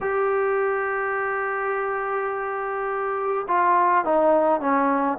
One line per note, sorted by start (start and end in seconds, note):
0.00 3.46 G4
3.47 4.04 F4
4.04 4.60 D#4
4.60 5.18 C#4